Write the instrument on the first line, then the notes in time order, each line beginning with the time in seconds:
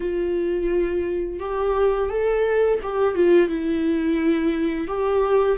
viola
0.00 F4
1.39 G4
2.09 A4
2.83 G4
3.14 F4
3.48 E4
4.87 G4